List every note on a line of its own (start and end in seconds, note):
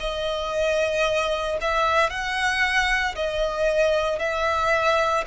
0.00 1.58 D#5
1.62 2.10 E5
2.10 3.15 F#5
3.16 4.20 D#5
4.20 5.25 E5